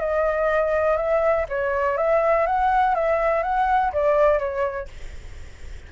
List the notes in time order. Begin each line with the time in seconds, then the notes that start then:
0.00 D#5
0.97 E5
1.49 C#5
1.97 E5
2.47 F#5
2.95 E5
3.43 F#5
3.93 D5
4.39 C#5